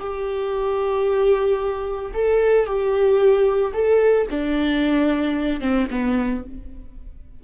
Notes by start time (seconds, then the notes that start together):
0.00 G4
2.14 A4
2.66 G4
3.74 A4
4.30 D4
5.61 C4
5.91 B3